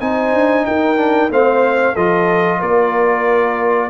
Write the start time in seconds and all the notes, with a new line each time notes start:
0.00 C4 D#4 C5 G#5
0.33 D4
0.65 D#4 A#4 G5
0.97 D4
1.30 A3 C4 C5 F5
1.93 F3 F4 A4 D#5
2.60 A#3 A#4 D5